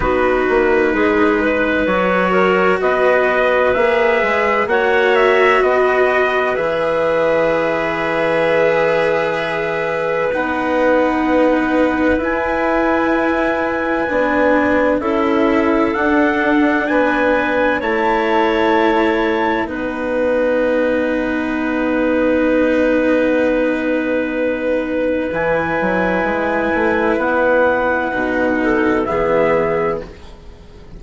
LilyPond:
<<
  \new Staff \with { instrumentName = "trumpet" } { \time 4/4 \tempo 4 = 64 b'2 cis''4 dis''4 | e''4 fis''8 e''8 dis''4 e''4~ | e''2. fis''4~ | fis''4 gis''2. |
e''4 fis''4 gis''4 a''4~ | a''4 fis''2.~ | fis''2. gis''4~ | gis''4 fis''2 e''4 | }
  \new Staff \with { instrumentName = "clarinet" } { \time 4/4 fis'4 gis'8 b'4 ais'8 b'4~ | b'4 cis''4 b'2~ | b'1~ | b'1 |
a'2 b'4 cis''4~ | cis''4 b'2.~ | b'1~ | b'2~ b'8 a'8 gis'4 | }
  \new Staff \with { instrumentName = "cello" } { \time 4/4 dis'2 fis'2 | gis'4 fis'2 gis'4~ | gis'2. dis'4~ | dis'4 e'2 d'4 |
e'4 d'2 e'4~ | e'4 dis'2.~ | dis'2. e'4~ | e'2 dis'4 b4 | }
  \new Staff \with { instrumentName = "bassoon" } { \time 4/4 b8 ais8 gis4 fis4 b4 | ais8 gis8 ais4 b4 e4~ | e2. b4~ | b4 e'2 b4 |
cis'4 d'4 b4 a4~ | a4 b2.~ | b2. e8 fis8 | gis8 a8 b4 b,4 e4 | }
>>